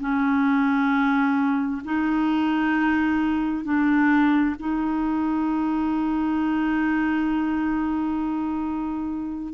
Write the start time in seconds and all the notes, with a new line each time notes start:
0.00 C#4
1.85 D#4
3.65 D4
4.60 D#4